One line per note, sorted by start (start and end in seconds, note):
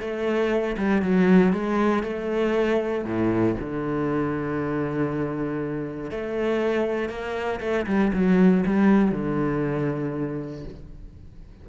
0.00 0.76 A3
0.77 1.02 G3
1.02 1.53 F#3
1.53 2.03 G#3
2.03 3.05 A3
3.05 3.55 A2
3.60 6.11 D3
6.11 7.09 A3
7.09 7.60 A#3
7.60 7.86 A3
7.86 8.12 G3
8.13 8.64 F#3
8.66 9.12 G3
9.12 10.64 D3